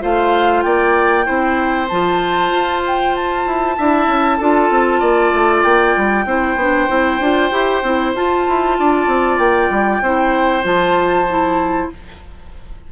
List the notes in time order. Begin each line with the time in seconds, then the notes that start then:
0.00 A3 F4 C5 F5
0.62 A#3 D5 G5
1.24 C4 E4 C5
1.88 F3 F4 A5
2.51 F4
2.86 G5
3.15 A5
3.46 E4
3.77 D4 E4 E5
4.07 C#4
4.37 D4 F4 A4
4.70 C4
4.99 A#3 D5
5.33 A3
5.62 A#3 G5
5.96 G3
6.25 C4 E4 C5
6.56 B3 D4
6.88 C4 E4
7.19 D4 F4
7.51 E4 G4
7.82 C4 E4
8.14 F4 A5
8.48 E4
8.79 D4 D5
9.07 C4
9.38 A#3 G5
9.69 G3
10.01 C4 E4 C5
10.62 F3 F4 A5
11.29 E4